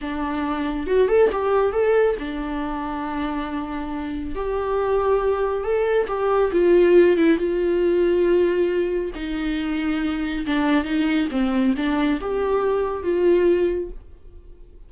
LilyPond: \new Staff \with { instrumentName = "viola" } { \time 4/4 \tempo 4 = 138 d'2 fis'8 a'8 g'4 | a'4 d'2.~ | d'2 g'2~ | g'4 a'4 g'4 f'4~ |
f'8 e'8 f'2.~ | f'4 dis'2. | d'4 dis'4 c'4 d'4 | g'2 f'2 | }